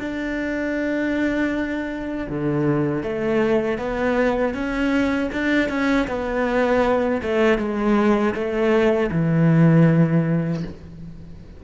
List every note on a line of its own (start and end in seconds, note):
0.00 2.28 D4
2.30 3.03 D3
3.03 3.79 A3
3.79 4.55 B3
4.55 5.31 C#4
5.33 5.70 D4
5.70 6.08 C#4
6.08 7.22 B3
7.23 7.58 A3
7.58 8.34 G#3
8.35 9.11 A3
9.12 10.64 E3